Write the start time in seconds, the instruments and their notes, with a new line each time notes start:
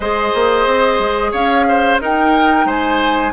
0.00 bassoon G#3, clarinet G#4, oboe C5, flute D#5
0.34 bassoon A#3
0.66 bassoon C4
0.99 bassoon G#3
1.31 bassoon C#4, oboe C#5, flute F5
1.68 oboe C5
1.99 clarinet D#4, bassoon D#4, oboe A#4, flute G5
2.65 bassoon G#3, oboe C5, flute G#5